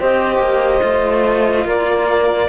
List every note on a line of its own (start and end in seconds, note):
0.00 0.39 C4
0.00 0.81 G4
0.00 1.66 C5
0.00 1.69 D#5
0.39 0.81 A#3
0.81 1.66 A3
0.81 2.48 F4
1.66 2.49 A#3
1.66 2.49 A#4
1.66 2.49 D5